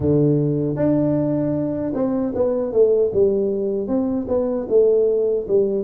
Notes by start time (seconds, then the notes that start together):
0.00 D3
0.76 D4
1.94 C4
2.34 B3
2.72 A3
3.13 G3
3.87 C4
4.28 B3
4.68 A3
5.48 G3